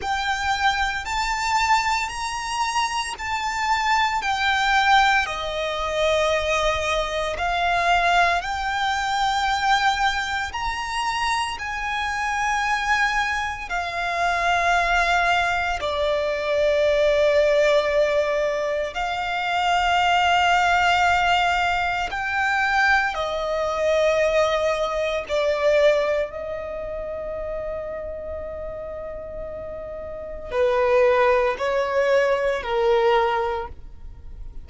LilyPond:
\new Staff \with { instrumentName = "violin" } { \time 4/4 \tempo 4 = 57 g''4 a''4 ais''4 a''4 | g''4 dis''2 f''4 | g''2 ais''4 gis''4~ | gis''4 f''2 d''4~ |
d''2 f''2~ | f''4 g''4 dis''2 | d''4 dis''2.~ | dis''4 b'4 cis''4 ais'4 | }